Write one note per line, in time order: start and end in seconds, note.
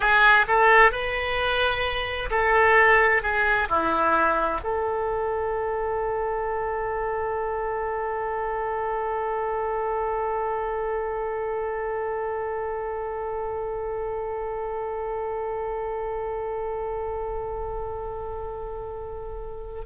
0.00 0.46 G#4
0.47 0.91 A4
0.91 2.30 B4
2.30 3.22 A4
3.22 3.68 G#4
3.68 4.61 E4
4.63 19.85 A4